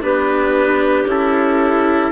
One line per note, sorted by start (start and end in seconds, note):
0.00 1.04 B3
0.00 1.05 D4
0.00 2.11 G4
0.00 1.08 B4
1.04 2.10 C#4
1.04 2.11 E4
1.04 2.11 A4